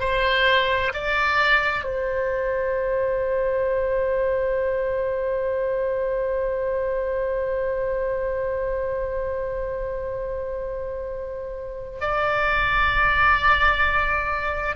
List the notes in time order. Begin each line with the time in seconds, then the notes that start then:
0.00 C5
0.94 D5
1.84 C5
12.01 D5